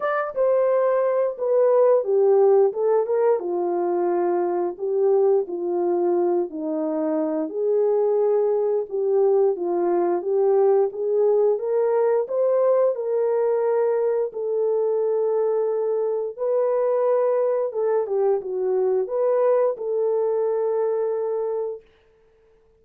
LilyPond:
\new Staff \with { instrumentName = "horn" } { \time 4/4 \tempo 4 = 88 d''8 c''4. b'4 g'4 | a'8 ais'8 f'2 g'4 | f'4. dis'4. gis'4~ | gis'4 g'4 f'4 g'4 |
gis'4 ais'4 c''4 ais'4~ | ais'4 a'2. | b'2 a'8 g'8 fis'4 | b'4 a'2. | }